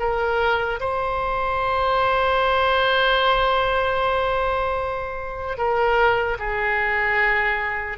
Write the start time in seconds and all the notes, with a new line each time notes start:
0.00 A#4
0.80 C5
5.58 A#4
6.39 G#4